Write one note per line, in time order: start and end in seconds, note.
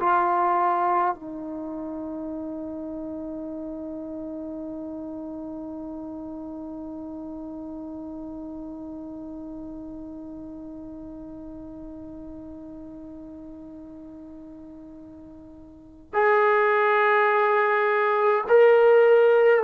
0.00 1.15 F4
1.15 16.13 D#4
16.13 18.44 G#4
18.49 19.64 A#4